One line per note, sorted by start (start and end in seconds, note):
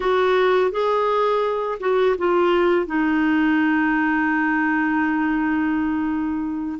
0.00 0.71 F#4
0.71 1.78 G#4
1.80 2.16 F#4
2.18 2.86 F4
2.86 6.79 D#4